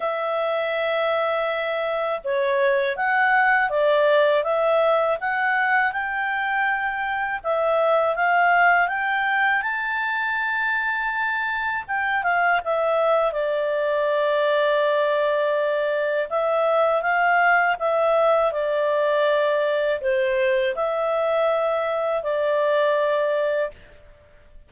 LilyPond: \new Staff \with { instrumentName = "clarinet" } { \time 4/4 \tempo 4 = 81 e''2. cis''4 | fis''4 d''4 e''4 fis''4 | g''2 e''4 f''4 | g''4 a''2. |
g''8 f''8 e''4 d''2~ | d''2 e''4 f''4 | e''4 d''2 c''4 | e''2 d''2 | }